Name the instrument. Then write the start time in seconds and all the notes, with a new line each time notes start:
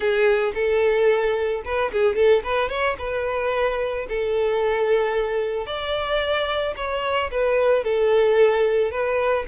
violin
0.00 G#4
0.54 A4
1.64 B4
1.91 G#4
2.15 A4
2.43 B4
2.69 C#5
2.98 B4
4.08 A4
5.66 D5
6.76 C#5
7.31 B4
7.84 A4
8.91 B4